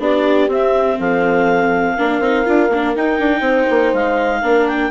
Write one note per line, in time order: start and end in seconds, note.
0.00 0.48 B3
0.00 0.50 D4
0.00 1.00 G4
0.00 0.51 D5
0.48 0.97 C4
0.48 1.98 C4
0.48 1.01 E5
1.00 1.98 F3
1.00 1.96 A4
1.00 2.96 F5
1.96 2.20 A#3
1.96 2.23 D4
1.96 3.41 A#4
2.20 2.45 C4
2.20 2.46 D#4
2.46 2.70 D4
2.46 2.70 F4
2.70 2.94 A#3
2.70 2.97 D4
2.96 3.20 D#4
2.96 4.43 D#4
2.96 3.95 G5
3.20 3.41 D4
3.41 3.66 C4
3.41 4.40 C5
3.70 3.93 A#3
3.93 4.43 G#3
3.93 4.68 F5
4.42 4.91 A#3
4.42 4.91 D4
4.42 4.91 A#4
4.68 4.91 G5